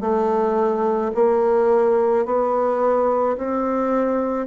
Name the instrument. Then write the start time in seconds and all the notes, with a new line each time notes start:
bassoon
0.00 A3
1.15 A#3
2.25 B3
3.37 C4